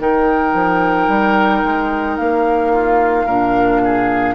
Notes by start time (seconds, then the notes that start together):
0.00 D#3 D#4 A#4 G5
0.54 F3
1.09 G3
1.64 G#3
2.18 A#3 F5
2.73 F4
3.26 A#2 D4 A#4
3.85 G#4